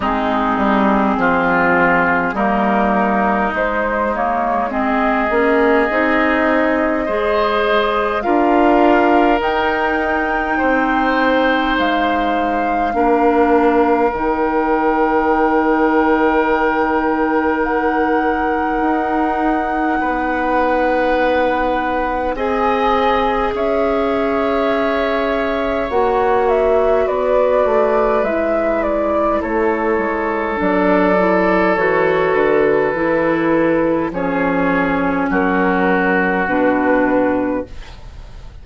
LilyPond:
<<
  \new Staff \with { instrumentName = "flute" } { \time 4/4 \tempo 4 = 51 gis'2 ais'4 c''8 cis''8 | dis''2. f''4 | g''2 f''2 | g''2. fis''4~ |
fis''2. gis''4 | e''2 fis''8 e''8 d''4 | e''8 d''8 cis''4 d''4 cis''8 b'8~ | b'4 cis''4 ais'4 b'4 | }
  \new Staff \with { instrumentName = "oboe" } { \time 4/4 dis'4 f'4 dis'2 | gis'2 c''4 ais'4~ | ais'4 c''2 ais'4~ | ais'1~ |
ais'4 b'2 dis''4 | cis''2. b'4~ | b'4 a'2.~ | a'4 gis'4 fis'2 | }
  \new Staff \with { instrumentName = "clarinet" } { \time 4/4 c'2 ais4 gis8 ais8 | c'8 cis'8 dis'4 gis'4 f'4 | dis'2. d'4 | dis'1~ |
dis'2. gis'4~ | gis'2 fis'2 | e'2 d'8 e'8 fis'4 | e'4 cis'2 d'4 | }
  \new Staff \with { instrumentName = "bassoon" } { \time 4/4 gis8 g8 f4 g4 gis4~ | gis8 ais8 c'4 gis4 d'4 | dis'4 c'4 gis4 ais4 | dis1 |
dis'4 b2 c'4 | cis'2 ais4 b8 a8 | gis4 a8 gis8 fis4 e8 d8 | e4 f4 fis4 b,4 | }
>>